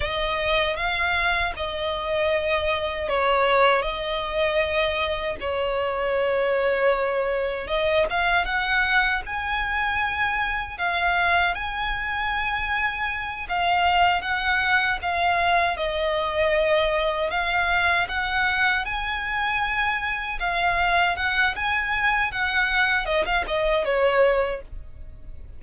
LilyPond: \new Staff \with { instrumentName = "violin" } { \time 4/4 \tempo 4 = 78 dis''4 f''4 dis''2 | cis''4 dis''2 cis''4~ | cis''2 dis''8 f''8 fis''4 | gis''2 f''4 gis''4~ |
gis''4. f''4 fis''4 f''8~ | f''8 dis''2 f''4 fis''8~ | fis''8 gis''2 f''4 fis''8 | gis''4 fis''4 dis''16 f''16 dis''8 cis''4 | }